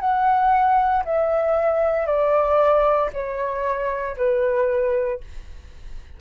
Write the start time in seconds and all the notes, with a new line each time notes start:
0.00 F#5
1.05 E5
2.06 D5
3.13 C#5
4.17 B4